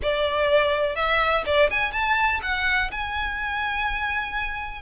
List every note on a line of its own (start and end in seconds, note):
0.02 0.95 D5
0.95 1.44 E5
1.45 1.70 D5
1.70 1.92 G#5
1.92 2.40 A5
2.42 2.90 F#5
2.91 4.82 G#5